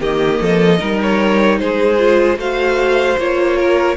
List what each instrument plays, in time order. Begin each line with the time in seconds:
0.00 cello D#3, viola A#3, violin G4 D#5
0.40 cello F3, violin A4
0.79 cello G3, viola D#4, violin A#4
1.02 violin C#5
1.59 cello G#3, violin G#4 C5
1.98 viola F4
2.37 cello A3, viola F#4, violin C5 F5
3.18 cello A#3, viola F4, violin C#5
3.57 violin A#4